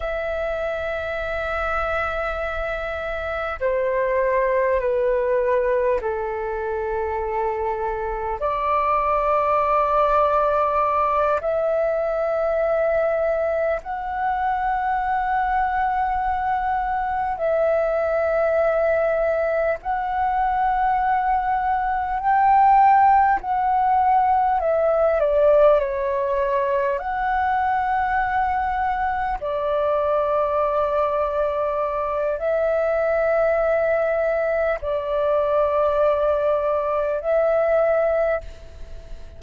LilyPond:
\new Staff \with { instrumentName = "flute" } { \time 4/4 \tempo 4 = 50 e''2. c''4 | b'4 a'2 d''4~ | d''4. e''2 fis''8~ | fis''2~ fis''8 e''4.~ |
e''8 fis''2 g''4 fis''8~ | fis''8 e''8 d''8 cis''4 fis''4.~ | fis''8 d''2~ d''8 e''4~ | e''4 d''2 e''4 | }